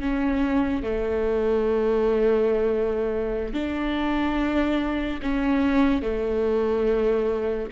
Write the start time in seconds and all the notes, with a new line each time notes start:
0.00 C#4
0.83 A3
3.54 D4
5.22 C#4
6.02 A3